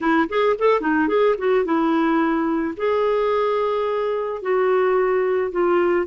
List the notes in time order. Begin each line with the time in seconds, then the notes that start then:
0.00 E4
0.29 G#4
0.59 A4
0.80 D#4
1.08 G#4
1.38 F#4
1.64 E4
2.76 G#4
4.42 F#4
5.51 F4